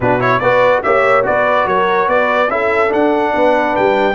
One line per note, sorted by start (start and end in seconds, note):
0.00 0.40 B2
0.00 0.19 D4
0.00 0.40 F#4
0.00 0.20 B4
0.19 0.40 E4
0.19 0.39 C#5
0.39 0.82 B3
0.39 0.84 F#4
0.39 0.81 B4
0.39 0.81 D5
0.82 1.27 A#3
0.82 1.22 G4
0.82 1.25 C#5
0.82 1.24 E5
1.22 1.65 B3
1.22 2.47 F#4
1.22 1.67 B4
1.22 1.67 D5
1.65 2.07 F#3
1.65 2.08 A#4
1.65 2.09 C#5
2.07 2.48 B3
2.07 2.50 B4
2.07 2.50 D5
2.48 2.89 C#4
2.48 2.88 E4
2.48 3.33 A4
2.48 2.92 E5
2.88 4.13 D4
2.88 3.34 D4
2.88 3.76 F#5
3.33 3.76 B3
3.33 4.14 B4
3.76 4.14 G3
3.76 4.14 G5